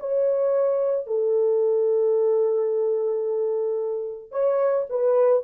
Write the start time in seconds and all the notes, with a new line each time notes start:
0.00 C#5
1.07 A4
4.31 C#5
4.89 B4